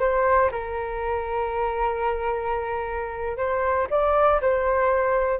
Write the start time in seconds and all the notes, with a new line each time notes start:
0.00 C5
0.52 A#4
3.37 C5
3.91 D5
4.42 C5